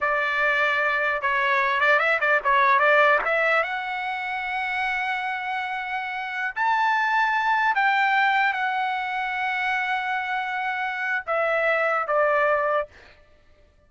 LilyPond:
\new Staff \with { instrumentName = "trumpet" } { \time 4/4 \tempo 4 = 149 d''2. cis''4~ | cis''8 d''8 e''8 d''8 cis''4 d''4 | e''4 fis''2.~ | fis''1~ |
fis''16 a''2. g''8.~ | g''4~ g''16 fis''2~ fis''8.~ | fis''1 | e''2 d''2 | }